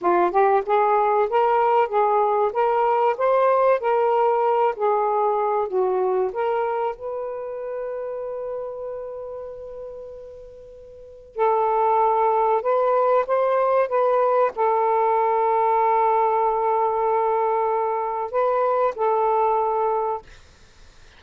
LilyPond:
\new Staff \with { instrumentName = "saxophone" } { \time 4/4 \tempo 4 = 95 f'8 g'8 gis'4 ais'4 gis'4 | ais'4 c''4 ais'4. gis'8~ | gis'4 fis'4 ais'4 b'4~ | b'1~ |
b'2 a'2 | b'4 c''4 b'4 a'4~ | a'1~ | a'4 b'4 a'2 | }